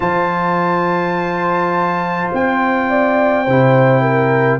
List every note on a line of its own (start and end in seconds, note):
0.00 2.28 F3
0.00 3.46 F4
0.00 2.87 C5
0.00 2.30 A5
2.32 3.47 C4
2.32 4.60 G5
2.89 3.44 D5
3.44 4.60 C3
3.44 4.60 E4
3.44 4.01 C5
4.01 4.59 A#4